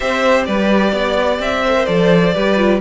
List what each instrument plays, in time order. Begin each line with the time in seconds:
0.00 cello C4, viola G4, violin C5 E5
0.45 cello G3, violin B4 D5
0.92 cello B3, violin D5
1.39 cello C4, violin E5
1.63 viola A4, violin C5
1.75 viola A#4
1.85 cello F3, viola A4, violin D5
2.34 cello G3, viola G4, violin B4
2.57 viola F4